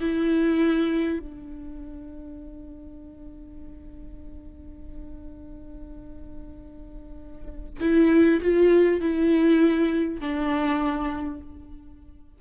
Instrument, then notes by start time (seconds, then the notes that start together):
viola
0.00 E4
1.19 D4
7.80 E4
8.41 F4
9.00 E4
10.20 D4